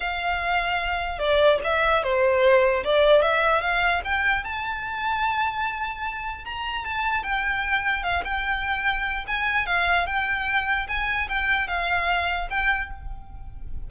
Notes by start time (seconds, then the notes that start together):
0.00 F5
1.19 D5
1.63 E5
2.03 C5
2.84 D5
3.21 E5
3.61 F5
4.04 G5
4.44 A5
6.44 A#5
6.84 A5
7.23 G5
8.03 F5
8.24 G5
9.27 G#5
9.66 F5
10.06 G5
10.87 G#5
11.28 G5
11.67 F5
12.50 G5